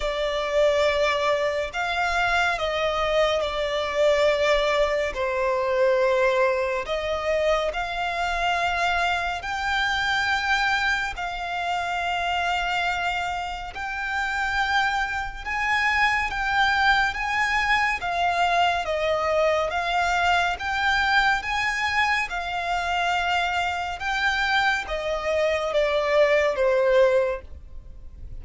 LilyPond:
\new Staff \with { instrumentName = "violin" } { \time 4/4 \tempo 4 = 70 d''2 f''4 dis''4 | d''2 c''2 | dis''4 f''2 g''4~ | g''4 f''2. |
g''2 gis''4 g''4 | gis''4 f''4 dis''4 f''4 | g''4 gis''4 f''2 | g''4 dis''4 d''4 c''4 | }